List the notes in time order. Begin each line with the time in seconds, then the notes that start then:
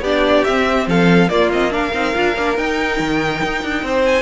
0.00 B3 D4 G4 D5
0.44 C4 E5
0.86 F3 A4 F5
1.29 A#3 F4 D5
1.52 C4 D#5
1.70 D4 A#4 F5
1.93 C4 D#4
2.14 D4 F4
2.36 A#3 D4
2.57 D#4 G5
2.99 D#3
3.43 D#4
3.62 D4
3.82 C4 C5
4.05 G#5